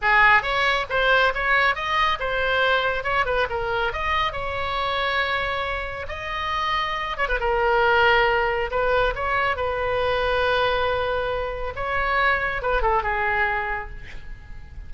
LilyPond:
\new Staff \with { instrumentName = "oboe" } { \time 4/4 \tempo 4 = 138 gis'4 cis''4 c''4 cis''4 | dis''4 c''2 cis''8 b'8 | ais'4 dis''4 cis''2~ | cis''2 dis''2~ |
dis''8 cis''16 b'16 ais'2. | b'4 cis''4 b'2~ | b'2. cis''4~ | cis''4 b'8 a'8 gis'2 | }